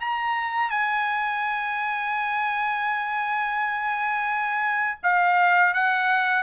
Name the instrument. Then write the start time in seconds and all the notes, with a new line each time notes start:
trumpet
0.00 A#5
0.70 G#5
5.03 F5
5.73 F#5